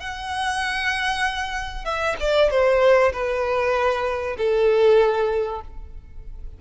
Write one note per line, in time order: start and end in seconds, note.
0.00 1.85 F#5
1.85 2.16 E5
2.20 2.51 D5
2.51 3.12 C5
3.13 4.37 B4
4.37 5.61 A4